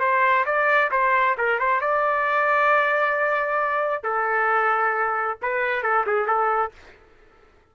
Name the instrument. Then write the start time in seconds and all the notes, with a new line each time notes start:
trumpet
0.00 C5
0.45 D5
0.91 C5
1.38 A#4
1.59 C5
1.81 D5
4.03 A4
5.42 B4
5.83 A4
6.06 G#4
6.27 A4